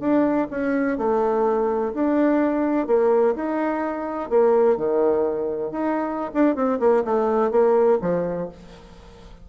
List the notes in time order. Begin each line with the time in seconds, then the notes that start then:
0.00 D4
0.51 C#4
0.98 A3
1.94 D4
2.87 A#3
3.35 D#4
4.30 A#3
4.77 D#3
5.72 D#4
6.34 D4
6.56 C4
6.80 A#3
7.05 A3
7.51 A#3
8.02 F3